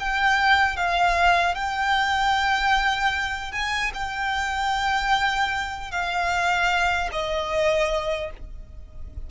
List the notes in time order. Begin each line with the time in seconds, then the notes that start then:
0.00 G5
0.77 F5
1.55 G5
3.52 G#5
3.94 G5
5.91 F5
7.12 D#5